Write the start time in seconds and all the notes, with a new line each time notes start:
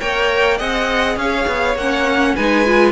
0.00 A#3 A#4 C#5 G5
0.57 C4 G#4 D#5 F#5
1.16 C#4 C#5 F5
1.47 B3
1.75 A#3 C#4 F#5
2.35 G#3 D#4 B4 G#5
2.65 F4